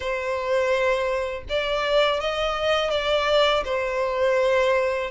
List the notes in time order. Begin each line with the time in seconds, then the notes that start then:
0.00 C5
1.49 D5
2.20 D#5
2.90 D5
3.65 C5